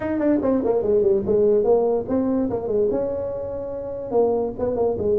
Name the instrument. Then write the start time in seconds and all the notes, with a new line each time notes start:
tuba
0.00 D#4
0.19 D4
0.42 C4
0.64 A#3
0.82 G#3
1.01 G3
1.26 G#3
1.63 A#3
2.08 C4
2.50 A#3
2.67 G#3
2.90 C#4
4.11 A#3
4.58 B3
4.76 A#3
4.98 G#3